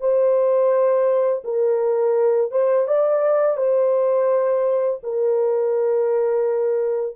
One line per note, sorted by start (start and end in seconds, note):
0.00 1.43 C5
1.44 2.51 A#4
2.51 2.87 C5
2.87 3.57 D5
3.57 5.00 C5
5.03 7.16 A#4